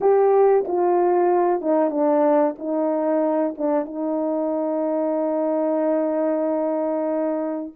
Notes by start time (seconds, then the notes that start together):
0.00 G4
0.67 F4
1.61 D#4
1.90 D4
2.58 D#4
3.57 D4
3.85 D#4